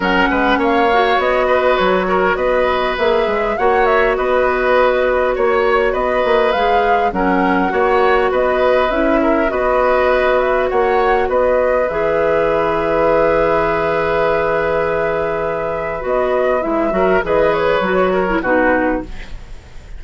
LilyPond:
<<
  \new Staff \with { instrumentName = "flute" } { \time 4/4 \tempo 4 = 101 fis''4 f''4 dis''4 cis''4 | dis''4 e''4 fis''8 e''8 dis''4~ | dis''4 cis''4 dis''4 f''4 | fis''2 dis''4 e''4 |
dis''4. e''8 fis''4 dis''4 | e''1~ | e''2. dis''4 | e''4 dis''8 cis''4. b'4 | }
  \new Staff \with { instrumentName = "oboe" } { \time 4/4 ais'8 b'8 cis''4. b'4 ais'8 | b'2 cis''4 b'4~ | b'4 cis''4 b'2 | ais'4 cis''4 b'4. ais'8 |
b'2 cis''4 b'4~ | b'1~ | b'1~ | b'8 ais'8 b'4. ais'8 fis'4 | }
  \new Staff \with { instrumentName = "clarinet" } { \time 4/4 cis'4. fis'2~ fis'8~ | fis'4 gis'4 fis'2~ | fis'2. gis'4 | cis'4 fis'2 e'4 |
fis'1 | gis'1~ | gis'2. fis'4 | e'8 fis'8 gis'4 fis'8. e'16 dis'4 | }
  \new Staff \with { instrumentName = "bassoon" } { \time 4/4 fis8 gis8 ais4 b4 fis4 | b4 ais8 gis8 ais4 b4~ | b4 ais4 b8 ais8 gis4 | fis4 ais4 b4 cis'4 |
b2 ais4 b4 | e1~ | e2. b4 | gis8 fis8 e4 fis4 b,4 | }
>>